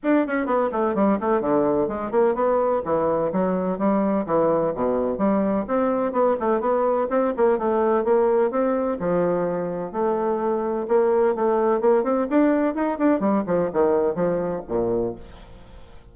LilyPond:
\new Staff \with { instrumentName = "bassoon" } { \time 4/4 \tempo 4 = 127 d'8 cis'8 b8 a8 g8 a8 d4 | gis8 ais8 b4 e4 fis4 | g4 e4 b,4 g4 | c'4 b8 a8 b4 c'8 ais8 |
a4 ais4 c'4 f4~ | f4 a2 ais4 | a4 ais8 c'8 d'4 dis'8 d'8 | g8 f8 dis4 f4 ais,4 | }